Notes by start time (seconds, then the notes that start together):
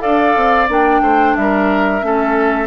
0.00 D4 A4 D5 F5
0.37 C4
0.69 A#3 D4 G5
1.01 A3 C5
1.36 G3 A#4 E5
2.02 A3 C#4 A4